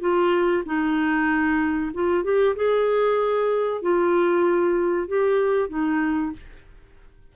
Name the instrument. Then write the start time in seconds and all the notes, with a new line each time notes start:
clarinet
0.00 F4
0.65 D#4
1.93 F4
2.24 G4
2.55 G#4
3.82 F4
5.08 G4
5.69 D#4